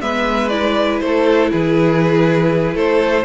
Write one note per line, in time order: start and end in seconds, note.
0.00 1.01 G#3
0.00 0.50 B3
0.00 1.03 B4
0.00 0.48 E5
0.48 3.24 E4
0.48 0.98 D5
1.00 1.51 A3
1.00 1.52 A4
1.00 1.50 C5
1.51 2.74 E3
1.51 2.74 G#4
1.51 2.76 B4
2.74 3.24 A3
2.74 3.24 A4
2.74 3.24 C5